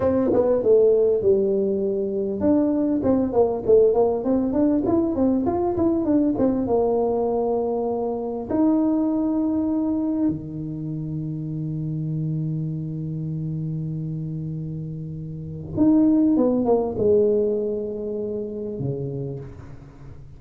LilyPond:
\new Staff \with { instrumentName = "tuba" } { \time 4/4 \tempo 4 = 99 c'8 b8 a4 g2 | d'4 c'8 ais8 a8 ais8 c'8 d'8 | e'8 c'8 f'8 e'8 d'8 c'8 ais4~ | ais2 dis'2~ |
dis'4 dis2.~ | dis1~ | dis2 dis'4 b8 ais8 | gis2. cis4 | }